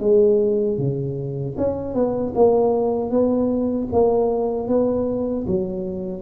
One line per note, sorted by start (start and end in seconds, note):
0.00 0.78 G#3
0.78 1.56 C#3
1.57 1.94 C#4
1.94 2.33 B3
2.35 3.10 A#3
3.10 3.88 B3
3.92 4.68 A#3
4.68 5.46 B3
5.47 6.22 F#3